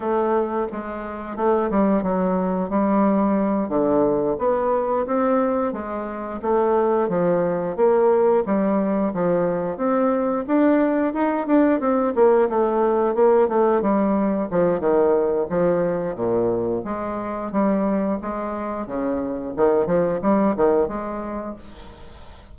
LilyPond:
\new Staff \with { instrumentName = "bassoon" } { \time 4/4 \tempo 4 = 89 a4 gis4 a8 g8 fis4 | g4. d4 b4 c'8~ | c'8 gis4 a4 f4 ais8~ | ais8 g4 f4 c'4 d'8~ |
d'8 dis'8 d'8 c'8 ais8 a4 ais8 | a8 g4 f8 dis4 f4 | ais,4 gis4 g4 gis4 | cis4 dis8 f8 g8 dis8 gis4 | }